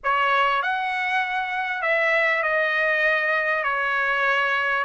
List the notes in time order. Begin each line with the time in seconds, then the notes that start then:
0.03 C#5
0.62 F#5
1.82 E5
2.42 D#5
3.63 C#5